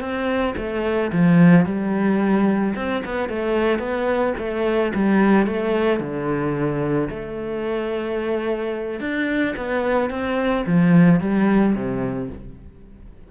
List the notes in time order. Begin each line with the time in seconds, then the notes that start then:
0.00 C4
0.57 A3
1.12 F3
1.65 G3
2.75 C4
3.05 B3
3.29 A3
3.79 B3
4.38 A3
4.95 G3
5.46 A3
6.00 D3
7.09 A3
9.00 D4
9.56 B3
10.10 C4
10.66 F3
11.20 G3
11.75 C3